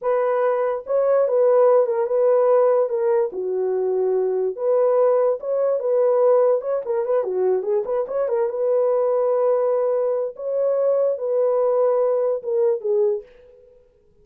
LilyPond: \new Staff \with { instrumentName = "horn" } { \time 4/4 \tempo 4 = 145 b'2 cis''4 b'4~ | b'8 ais'8 b'2 ais'4 | fis'2. b'4~ | b'4 cis''4 b'2 |
cis''8 ais'8 b'8 fis'4 gis'8 b'8 cis''8 | ais'8 b'2.~ b'8~ | b'4 cis''2 b'4~ | b'2 ais'4 gis'4 | }